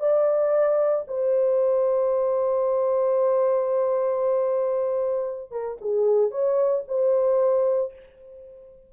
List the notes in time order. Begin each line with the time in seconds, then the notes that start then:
0.00 D5
1.08 C5
5.51 A#4
5.81 G#4
6.31 C#5
6.88 C5